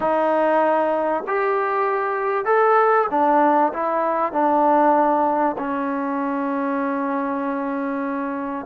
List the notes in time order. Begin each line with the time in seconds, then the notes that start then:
0.00 D#4
1.27 G4
2.45 A4
3.10 D4
3.73 E4
4.32 D4
5.58 C#4